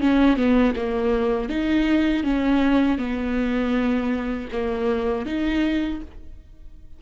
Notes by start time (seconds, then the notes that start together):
0.00 C#4
0.36 B3
0.76 A#3
1.49 D#4
2.23 C#4
2.98 B3
4.52 A#3
5.26 D#4